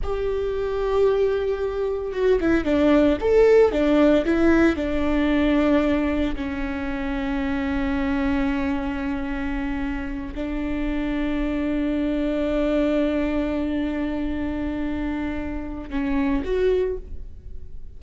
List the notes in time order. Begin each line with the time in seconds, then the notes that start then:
0.03 G4
2.12 F#4
2.40 E4
2.64 D4
3.20 A4
3.71 D4
4.25 E4
4.76 D4
6.35 C#4
10.34 D4
15.90 C#4
16.44 F#4